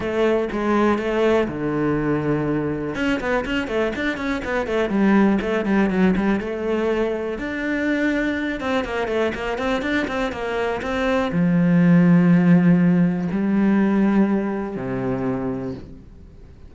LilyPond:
\new Staff \with { instrumentName = "cello" } { \time 4/4 \tempo 4 = 122 a4 gis4 a4 d4~ | d2 cis'8 b8 cis'8 a8 | d'8 cis'8 b8 a8 g4 a8 g8 | fis8 g8 a2 d'4~ |
d'4. c'8 ais8 a8 ais8 c'8 | d'8 c'8 ais4 c'4 f4~ | f2. g4~ | g2 c2 | }